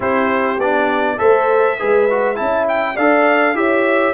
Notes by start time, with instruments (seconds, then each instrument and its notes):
0.00 tuba C4, trombone E4, horn G4, trumpet C5
0.58 tuba B3, trombone D4, trumpet D5
1.17 tuba A3, trombone A4, horn C5, trumpet E5
1.78 tuba G#3, trombone G#4, horn B4
2.10 trombone F#4
2.35 tuba C#4, trombone E4, horn E5, trumpet A5
2.68 trumpet G5
2.95 tuba D4, trombone A4, horn D5, trumpet F5
3.54 tuba E4, trombone G4, horn C#5, trumpet E5